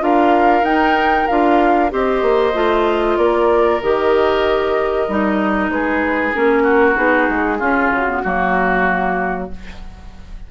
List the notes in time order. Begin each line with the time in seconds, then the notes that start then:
0.00 D4 F4 A#4 F5
0.62 D#4 G5
1.27 D4 F4 F5
1.90 C4 G4 C5 D#5
2.22 A#3
2.54 A3 F4
3.17 A#3 A#4 D5
3.82 D#3 G4 D#5
5.08 G3 D#4
5.69 G#3 G#4 B4
6.34 A#3 C#4 A#4
6.63 F#4
6.96 B3 D#4 G#4
7.29 G#3
7.59 C#4 F4
7.90 C#3 F#4
8.08 B3
8.23 F#3 A#3 F#4